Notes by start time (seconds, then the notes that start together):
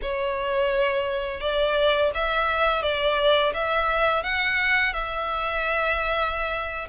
0.02 C#5
1.40 D5
2.14 E5
2.82 D5
3.53 E5
4.23 F#5
4.93 E5